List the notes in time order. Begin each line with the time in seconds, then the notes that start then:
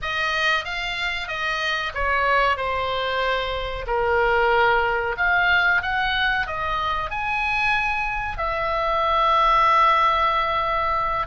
0.02 D#5
0.64 F5
1.28 D#5
1.94 C#5
2.56 C5
3.87 A#4
5.17 F5
5.82 F#5
6.46 D#5
7.10 G#5
8.37 E5